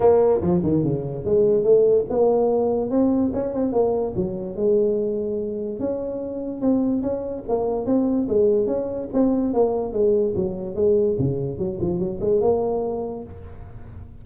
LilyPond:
\new Staff \with { instrumentName = "tuba" } { \time 4/4 \tempo 4 = 145 ais4 f8 dis8 cis4 gis4 | a4 ais2 c'4 | cis'8 c'8 ais4 fis4 gis4~ | gis2 cis'2 |
c'4 cis'4 ais4 c'4 | gis4 cis'4 c'4 ais4 | gis4 fis4 gis4 cis4 | fis8 f8 fis8 gis8 ais2 | }